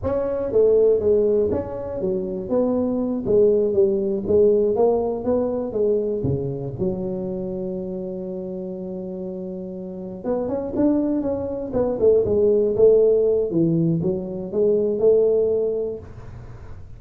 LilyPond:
\new Staff \with { instrumentName = "tuba" } { \time 4/4 \tempo 4 = 120 cis'4 a4 gis4 cis'4 | fis4 b4. gis4 g8~ | g8 gis4 ais4 b4 gis8~ | gis8 cis4 fis2~ fis8~ |
fis1~ | fis8 b8 cis'8 d'4 cis'4 b8 | a8 gis4 a4. e4 | fis4 gis4 a2 | }